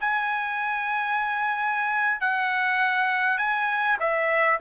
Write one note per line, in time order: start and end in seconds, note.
0.00 2.20 G#5
2.20 3.38 F#5
3.38 3.97 G#5
3.99 4.59 E5